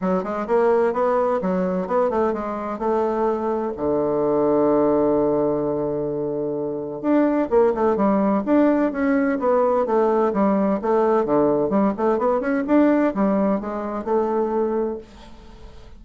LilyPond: \new Staff \with { instrumentName = "bassoon" } { \time 4/4 \tempo 4 = 128 fis8 gis8 ais4 b4 fis4 | b8 a8 gis4 a2 | d1~ | d2. d'4 |
ais8 a8 g4 d'4 cis'4 | b4 a4 g4 a4 | d4 g8 a8 b8 cis'8 d'4 | g4 gis4 a2 | }